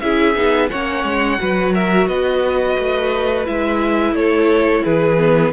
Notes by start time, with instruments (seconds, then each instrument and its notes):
0.00 cello C#4, viola E4, violin G#4 E5
0.35 cello B3, viola D#4
0.69 cello A#3, viola C#4, violin C#5 F#5
1.04 cello G#3
1.39 cello F#3, viola F#4, violin B4
1.74 violin A#4 E5
2.08 cello B3, violin B4 D#5
2.79 cello A3
3.46 cello G#3, viola E4, violin E5
4.13 cello A3, violin A4 C#5
4.84 cello E3, violin G#4 B4
5.18 viola B3